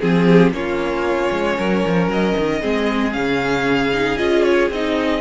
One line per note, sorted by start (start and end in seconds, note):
0.00 0.51 F3
0.00 0.52 C4
0.00 0.52 G#4
0.00 0.27 G#4
0.27 0.53 G4
0.51 1.29 A#3
0.51 2.61 C#4
0.51 1.58 F4
0.51 2.10 C#5
1.32 1.58 G#3
1.58 1.84 F#3
1.58 2.61 A#4
1.85 2.08 F3
2.08 2.34 F#3
2.08 3.13 D#5
2.37 2.63 D#3
2.61 3.16 G#3
2.61 3.11 C4
2.61 5.21 G#4
3.11 4.19 C#3
3.11 3.90 C#4
3.11 4.17 F5
3.93 4.17 D#4
4.17 4.70 C#4
4.17 4.69 F4
4.17 4.42 D#5
4.42 4.69 C#5
4.70 5.21 C4
4.70 5.21 D#4
4.70 5.21 D#5